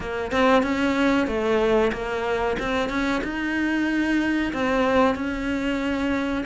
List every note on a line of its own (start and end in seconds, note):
0.00 0.31 A#3
0.31 0.62 C4
0.62 1.27 C#4
1.27 1.91 A3
1.92 2.57 A#3
2.59 2.89 C4
2.89 3.21 C#4
3.23 4.52 D#4
4.53 5.15 C4
5.15 6.44 C#4